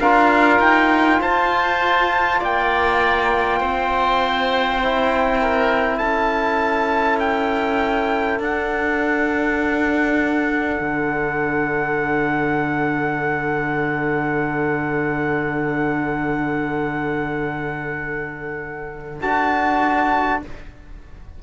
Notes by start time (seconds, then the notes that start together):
0.00 D4 F4 A#4 F5
0.59 D#4 G5
1.21 F4 C5 A5
2.39 A#3 D5 G5
3.60 C4 C5
4.83 E4
5.42 A#4
5.98 C#4 A4 A5
7.20 G5
8.39 D4 F#5
10.80 D3
19.21 D4 F#4 A5